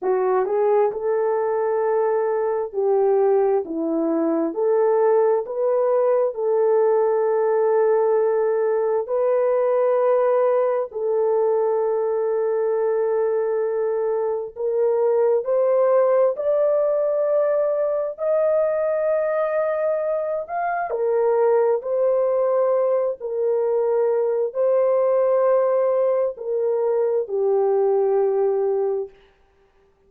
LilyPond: \new Staff \with { instrumentName = "horn" } { \time 4/4 \tempo 4 = 66 fis'8 gis'8 a'2 g'4 | e'4 a'4 b'4 a'4~ | a'2 b'2 | a'1 |
ais'4 c''4 d''2 | dis''2~ dis''8 f''8 ais'4 | c''4. ais'4. c''4~ | c''4 ais'4 g'2 | }